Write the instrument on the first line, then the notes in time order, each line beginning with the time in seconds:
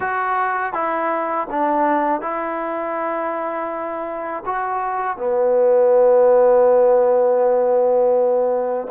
trombone
0.00 F#4
0.73 E4
1.50 D4
2.21 E4
4.45 F#4
5.17 B3